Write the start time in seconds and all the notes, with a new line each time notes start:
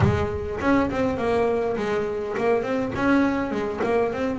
0.00 G#3
0.60 C#4
0.90 C4
1.17 A#3
1.76 G#3
2.37 A#3
2.62 C4
2.95 C#4
3.51 G#3
3.83 A#3
4.12 C4